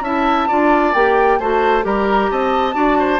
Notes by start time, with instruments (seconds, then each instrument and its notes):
0.00 bassoon C#4, clarinet E4, oboe E5, flute A5
0.48 bassoon D4, clarinet F4, oboe D5
0.93 bassoon A#3, clarinet G4, flute G5
1.39 bassoon A3, clarinet F#4, oboe C5, flute A5
1.81 bassoon G3, clarinet G4, oboe A#4, flute A#5
2.30 bassoon C4, oboe D#5, flute A5
2.73 bassoon D4, clarinet F#4, oboe D5
2.99 oboe C5